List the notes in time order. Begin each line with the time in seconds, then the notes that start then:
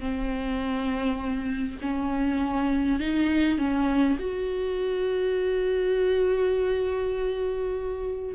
0.00 C4
1.81 C#4
2.99 D#4
3.58 C#4
4.19 F#4